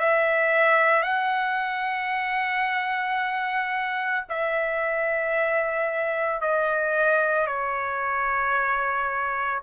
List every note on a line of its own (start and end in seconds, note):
0.00 1.04 E5
1.04 4.25 F#5
4.30 6.42 E5
6.42 7.48 D#5
7.48 9.62 C#5